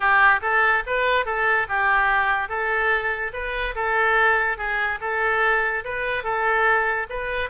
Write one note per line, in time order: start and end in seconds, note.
0.00 0.40 G4
0.41 0.83 A4
0.86 1.25 B4
1.25 1.67 A4
1.68 2.48 G4
2.48 3.32 A4
3.33 3.75 B4
3.75 4.57 A4
4.57 4.99 G#4
5.00 5.84 A4
5.84 6.23 B4
6.23 7.06 A4
7.09 7.49 B4